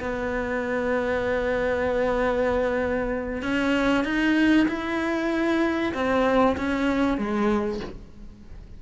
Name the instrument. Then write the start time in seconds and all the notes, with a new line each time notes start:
cello
0.00 B3
3.42 C#4
4.04 D#4
4.68 E4
5.94 C4
6.57 C#4
7.18 G#3